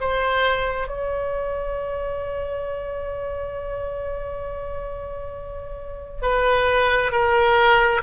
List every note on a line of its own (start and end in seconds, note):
0.00 0.88 C5
0.88 6.22 C#5
6.22 7.12 B4
7.12 8.01 A#4